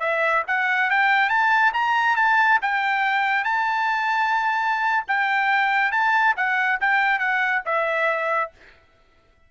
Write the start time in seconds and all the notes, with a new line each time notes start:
0.00 E5
0.47 F#5
0.90 G5
1.29 A5
1.73 A#5
2.16 A5
2.62 G5
3.44 A5
5.08 G5
5.92 A5
6.36 F#5
6.81 G5
7.19 F#5
7.65 E5